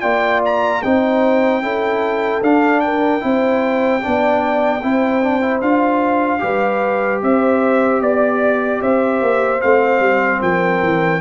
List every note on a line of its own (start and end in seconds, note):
0.00 0.83 A#3
0.00 0.82 F4
0.00 0.81 D5
0.00 0.40 G5
0.45 0.82 A#5
0.82 1.62 C4
0.82 1.61 D#4
0.82 1.62 C5
0.82 2.42 G5
1.61 2.42 C#4
1.61 2.41 E4
1.61 2.83 A4
2.42 3.22 D4
2.42 3.20 D4
2.42 2.80 F5
2.80 3.24 A#4
2.80 5.60 G5
3.20 4.03 C4
3.20 4.00 E4
3.20 4.02 C5
4.01 4.83 B3
4.01 4.81 D4
4.01 4.82 D5
4.82 5.61 C4
4.82 5.22 E4
4.82 6.42 C5
5.22 5.41 D4
5.41 5.61 E4
5.61 6.41 D4
5.61 6.39 F4
5.61 7.21 F5
6.39 7.22 G3
6.39 9.59 G4
6.39 7.22 B4
7.22 8.01 C4
7.22 8.02 C5
7.22 8.02 E5
8.01 8.81 B3
8.01 8.82 D5
8.82 9.21 C4
8.82 10.42 C5
8.82 9.61 E5
9.21 9.61 A#3
9.61 10.00 A3
9.61 11.21 C4
9.61 10.41 F5
10.00 10.40 G3
10.41 10.81 F3
10.41 11.21 A#4
10.41 11.21 G5
10.82 11.21 E3